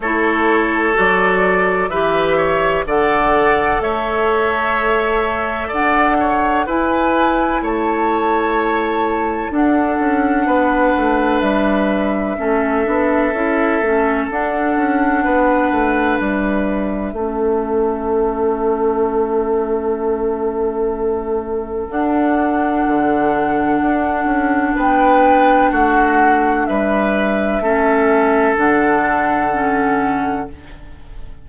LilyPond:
<<
  \new Staff \with { instrumentName = "flute" } { \time 4/4 \tempo 4 = 63 cis''4 d''4 e''4 fis''4 | e''2 fis''4 gis''4 | a''2 fis''2 | e''2. fis''4~ |
fis''4 e''2.~ | e''2. fis''4~ | fis''2 g''4 fis''4 | e''2 fis''2 | }
  \new Staff \with { instrumentName = "oboe" } { \time 4/4 a'2 b'8 cis''8 d''4 | cis''2 d''8 cis''8 b'4 | cis''2 a'4 b'4~ | b'4 a'2. |
b'2 a'2~ | a'1~ | a'2 b'4 fis'4 | b'4 a'2. | }
  \new Staff \with { instrumentName = "clarinet" } { \time 4/4 e'4 fis'4 g'4 a'4~ | a'2. e'4~ | e'2 d'2~ | d'4 cis'8 d'8 e'8 cis'8 d'4~ |
d'2 cis'2~ | cis'2. d'4~ | d'1~ | d'4 cis'4 d'4 cis'4 | }
  \new Staff \with { instrumentName = "bassoon" } { \time 4/4 a4 fis4 e4 d4 | a2 d'4 e'4 | a2 d'8 cis'8 b8 a8 | g4 a8 b8 cis'8 a8 d'8 cis'8 |
b8 a8 g4 a2~ | a2. d'4 | d4 d'8 cis'8 b4 a4 | g4 a4 d2 | }
>>